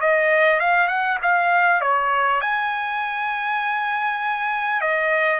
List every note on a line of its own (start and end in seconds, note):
0.00 0.59 D#5
0.59 0.88 F5
0.88 1.18 F#5
1.22 1.81 F5
1.81 2.41 C#5
2.41 4.81 G#5
4.81 5.39 D#5